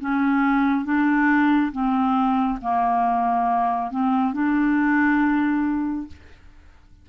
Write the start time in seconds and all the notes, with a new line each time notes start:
0.00 C#4
0.85 D4
1.72 C4
2.62 A#3
3.91 C4
4.33 D4